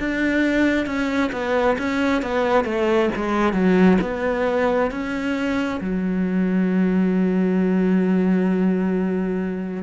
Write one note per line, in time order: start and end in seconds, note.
0.00 0.87 D4
0.87 1.31 C#4
1.33 1.77 B3
1.79 2.23 C#4
2.23 2.65 B3
2.65 3.10 A3
3.16 3.54 G#3
3.54 3.99 F#3
4.02 4.91 B3
4.91 5.81 C#4
5.81 9.83 F#3